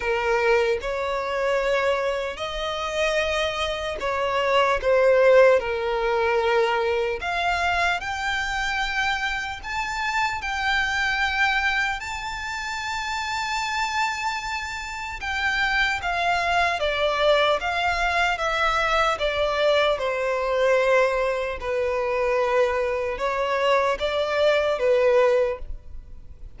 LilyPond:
\new Staff \with { instrumentName = "violin" } { \time 4/4 \tempo 4 = 75 ais'4 cis''2 dis''4~ | dis''4 cis''4 c''4 ais'4~ | ais'4 f''4 g''2 | a''4 g''2 a''4~ |
a''2. g''4 | f''4 d''4 f''4 e''4 | d''4 c''2 b'4~ | b'4 cis''4 d''4 b'4 | }